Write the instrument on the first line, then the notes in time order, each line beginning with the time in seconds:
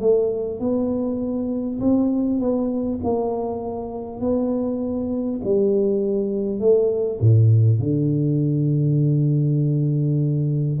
tuba
0.00 A3
0.59 B3
1.79 C4
2.39 B3
3.03 A#3
4.20 B3
5.43 G3
6.59 A3
7.20 A2
7.79 D3